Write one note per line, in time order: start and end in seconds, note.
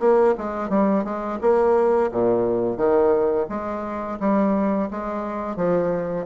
0.00 0.35 A#3
0.38 0.70 G#3
0.70 1.04 G3
1.04 1.39 G#3
1.41 2.11 A#3
2.12 2.77 A#2
2.77 3.47 D#3
3.49 4.19 G#3
4.20 4.90 G3
4.91 5.57 G#3
5.57 6.26 F3